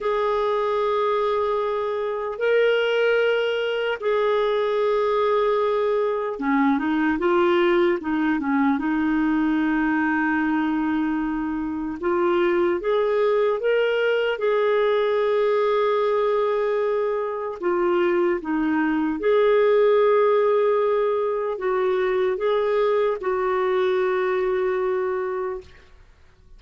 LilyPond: \new Staff \with { instrumentName = "clarinet" } { \time 4/4 \tempo 4 = 75 gis'2. ais'4~ | ais'4 gis'2. | cis'8 dis'8 f'4 dis'8 cis'8 dis'4~ | dis'2. f'4 |
gis'4 ais'4 gis'2~ | gis'2 f'4 dis'4 | gis'2. fis'4 | gis'4 fis'2. | }